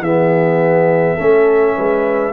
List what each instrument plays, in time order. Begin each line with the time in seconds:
0.00 tuba E3, trombone B3, horn G#4, trumpet E5
1.17 tuba A3, trombone C#4, horn A4
1.77 tuba G#3, horn B4